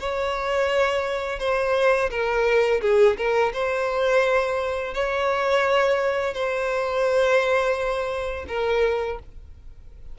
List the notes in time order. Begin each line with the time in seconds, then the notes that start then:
0.00 C#5
1.40 C5
2.11 A#4
2.82 G#4
3.18 A#4
3.54 C5
4.94 C#5
6.34 C5
8.49 A#4